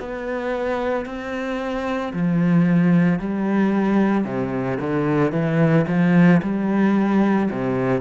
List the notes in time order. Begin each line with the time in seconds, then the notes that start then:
0.00 B3
1.06 C4
2.13 F3
3.19 G3
4.25 C3
4.80 D3
5.32 E3
5.88 F3
6.43 G3
7.51 C3